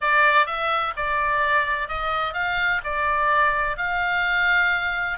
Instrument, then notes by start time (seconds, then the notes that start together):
oboe
0.01 D5
0.46 E5
0.96 D5
1.88 D#5
2.33 F5
2.84 D5
3.77 F5